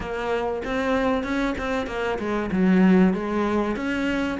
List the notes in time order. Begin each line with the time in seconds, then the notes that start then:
0.00 A#3
0.64 C4
1.23 C#4
1.58 C4
1.87 A#3
2.18 G#3
2.51 F#3
3.13 G#3
3.76 C#4